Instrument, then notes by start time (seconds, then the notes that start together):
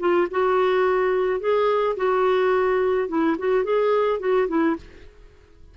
clarinet
0.00 F4
0.31 F#4
1.40 G#4
1.97 F#4
3.09 E4
3.39 F#4
3.64 G#4
4.20 F#4
4.48 E4